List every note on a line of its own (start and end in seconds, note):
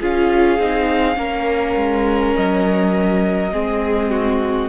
0.00 0.59 C#4
0.00 0.59 F4
0.00 1.18 G#4
0.00 2.35 F5
0.59 1.16 C4
0.59 1.15 D#4
1.15 1.75 A#3
1.15 3.50 C#4
1.15 3.52 A#4
1.76 2.35 G#3
2.35 3.53 F#3
2.35 4.69 D#5
3.52 4.69 G#3
3.52 4.69 C4
3.52 4.10 G#4
4.10 4.69 F#4